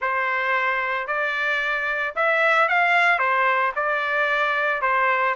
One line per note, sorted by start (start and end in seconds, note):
0.01 1.07 C5
1.07 2.14 D5
2.15 2.68 E5
2.68 3.19 F5
3.19 3.72 C5
3.75 4.81 D5
4.81 5.35 C5